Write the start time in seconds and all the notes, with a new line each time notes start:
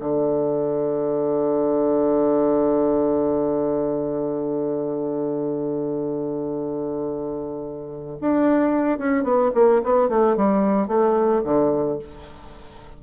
0.00 D3
8.21 D4
8.99 C#4
9.24 B3
9.55 A#3
9.84 B3
10.09 A3
10.37 G3
10.88 A3
11.44 D3